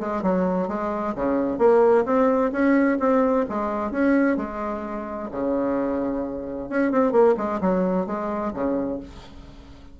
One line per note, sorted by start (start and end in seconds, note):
0.00 0.22 G#3
0.22 0.68 F#3
0.68 1.14 G#3
1.15 1.58 C#3
1.58 2.05 A#3
2.05 2.51 C4
2.52 2.98 C#4
2.99 3.46 C4
3.49 3.91 G#3
3.91 4.37 C#4
4.37 5.29 G#3
5.31 6.69 C#3
6.69 6.91 C#4
6.91 7.12 C4
7.12 7.35 A#3
7.37 7.60 G#3
7.61 8.06 F#3
8.06 8.53 G#3
8.53 9.00 C#3